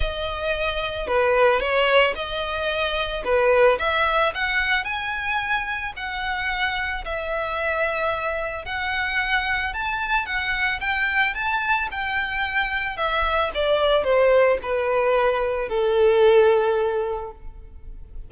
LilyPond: \new Staff \with { instrumentName = "violin" } { \time 4/4 \tempo 4 = 111 dis''2 b'4 cis''4 | dis''2 b'4 e''4 | fis''4 gis''2 fis''4~ | fis''4 e''2. |
fis''2 a''4 fis''4 | g''4 a''4 g''2 | e''4 d''4 c''4 b'4~ | b'4 a'2. | }